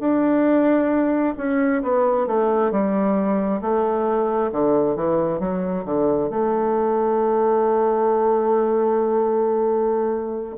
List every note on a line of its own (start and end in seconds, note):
0.00 1.34 D4
1.38 1.82 C#4
1.83 2.27 B3
2.27 2.72 A3
2.72 3.61 G3
3.62 4.51 A3
4.52 4.96 D3
4.96 5.40 E3
5.40 5.85 F#3
5.85 6.30 D3
6.30 10.55 A3